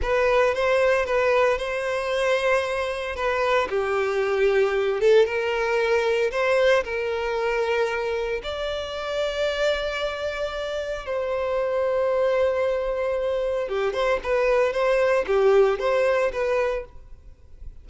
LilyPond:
\new Staff \with { instrumentName = "violin" } { \time 4/4 \tempo 4 = 114 b'4 c''4 b'4 c''4~ | c''2 b'4 g'4~ | g'4. a'8 ais'2 | c''4 ais'2. |
d''1~ | d''4 c''2.~ | c''2 g'8 c''8 b'4 | c''4 g'4 c''4 b'4 | }